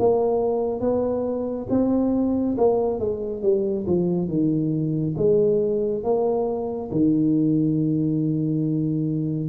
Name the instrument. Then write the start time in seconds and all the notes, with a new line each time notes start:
tuba
0.00 A#3
0.81 B3
1.70 C4
2.58 A#3
3.00 G#3
3.43 G3
3.87 F3
4.28 D#3
5.17 G#3
6.04 A#3
6.92 D#3